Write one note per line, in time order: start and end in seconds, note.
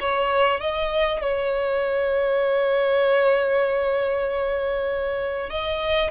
0.00 0.60 C#5
0.60 1.21 D#5
1.21 5.50 C#5
5.50 6.11 D#5